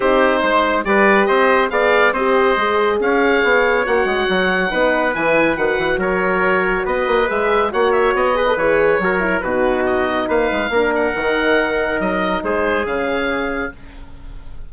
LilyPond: <<
  \new Staff \with { instrumentName = "oboe" } { \time 4/4 \tempo 4 = 140 c''2 d''4 dis''4 | f''4 dis''2 f''4~ | f''4 fis''2. | gis''4 fis''4 cis''2 |
dis''4 e''4 fis''8 e''8 dis''4 | cis''2 b'4 dis''4 | f''4. fis''2~ fis''8 | dis''4 c''4 f''2 | }
  \new Staff \with { instrumentName = "trumpet" } { \time 4/4 g'4 c''4 b'4 c''4 | d''4 c''2 cis''4~ | cis''2. b'4~ | b'2 ais'2 |
b'2 cis''4. b'8~ | b'4 ais'4 fis'2 | b'4 ais'2.~ | ais'4 gis'2. | }
  \new Staff \with { instrumentName = "horn" } { \time 4/4 dis'2 g'2 | gis'4 g'4 gis'2~ | gis'4 fis'2 dis'4 | e'4 fis'2.~ |
fis'4 gis'4 fis'4. gis'16 a'16 | gis'4 fis'8 e'8 dis'2~ | dis'4 d'4 dis'2~ | dis'2 cis'2 | }
  \new Staff \with { instrumentName = "bassoon" } { \time 4/4 c'4 gis4 g4 c'4 | b4 c'4 gis4 cis'4 | b4 ais8 gis8 fis4 b4 | e4 dis8 e8 fis2 |
b8 ais8 gis4 ais4 b4 | e4 fis4 b,2 | ais8 gis8 ais4 dis2 | fis4 gis4 cis2 | }
>>